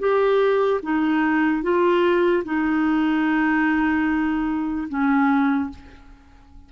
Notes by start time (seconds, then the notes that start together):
0.00 G4
0.83 D#4
1.63 F4
2.45 D#4
4.89 C#4